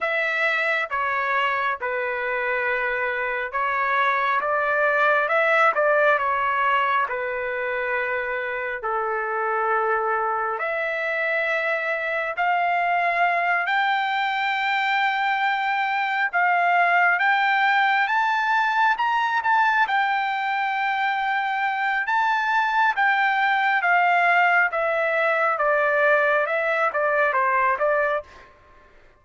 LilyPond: \new Staff \with { instrumentName = "trumpet" } { \time 4/4 \tempo 4 = 68 e''4 cis''4 b'2 | cis''4 d''4 e''8 d''8 cis''4 | b'2 a'2 | e''2 f''4. g''8~ |
g''2~ g''8 f''4 g''8~ | g''8 a''4 ais''8 a''8 g''4.~ | g''4 a''4 g''4 f''4 | e''4 d''4 e''8 d''8 c''8 d''8 | }